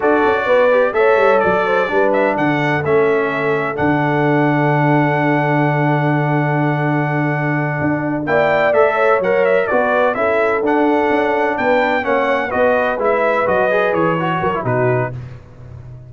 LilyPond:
<<
  \new Staff \with { instrumentName = "trumpet" } { \time 4/4 \tempo 4 = 127 d''2 e''4 d''4~ | d''8 e''8 fis''4 e''2 | fis''1~ | fis''1~ |
fis''4. g''4 e''4 fis''8 | e''8 d''4 e''4 fis''4.~ | fis''8 g''4 fis''4 dis''4 e''8~ | e''8 dis''4 cis''4. b'4 | }
  \new Staff \with { instrumentName = "horn" } { \time 4/4 a'4 b'4 cis''4 d''8 c''8 | b'4 a'2.~ | a'1~ | a'1~ |
a'4. d''4. cis''4~ | cis''8 b'4 a'2~ a'8~ | a'8 b'4 cis''4 b'4.~ | b'2~ b'8 ais'8 fis'4 | }
  \new Staff \with { instrumentName = "trombone" } { \time 4/4 fis'4. g'8 a'2 | d'2 cis'2 | d'1~ | d'1~ |
d'4. e'4 a'4 ais'8~ | ais'8 fis'4 e'4 d'4.~ | d'4. cis'4 fis'4 e'8~ | e'8 fis'8 gis'4 fis'8. e'16 dis'4 | }
  \new Staff \with { instrumentName = "tuba" } { \time 4/4 d'8 cis'8 b4 a8 g8 fis4 | g4 d4 a2 | d1~ | d1~ |
d8 d'4 ais4 a4 fis8~ | fis8 b4 cis'4 d'4 cis'8~ | cis'8 b4 ais4 b4 gis8~ | gis8 fis4 e4 fis8 b,4 | }
>>